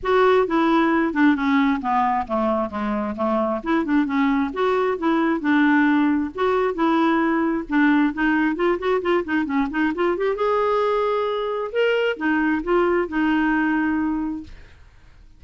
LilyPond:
\new Staff \with { instrumentName = "clarinet" } { \time 4/4 \tempo 4 = 133 fis'4 e'4. d'8 cis'4 | b4 a4 gis4 a4 | e'8 d'8 cis'4 fis'4 e'4 | d'2 fis'4 e'4~ |
e'4 d'4 dis'4 f'8 fis'8 | f'8 dis'8 cis'8 dis'8 f'8 g'8 gis'4~ | gis'2 ais'4 dis'4 | f'4 dis'2. | }